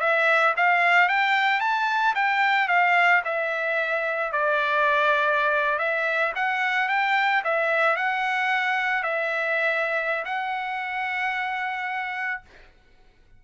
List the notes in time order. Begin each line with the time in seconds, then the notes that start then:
0.00 E5
0.57 F5
1.09 G5
1.60 A5
2.15 G5
2.68 F5
3.25 E5
4.32 D5
5.79 E5
6.35 F#5
6.88 G5
7.44 E5
7.96 F#5
9.03 E5
10.25 F#5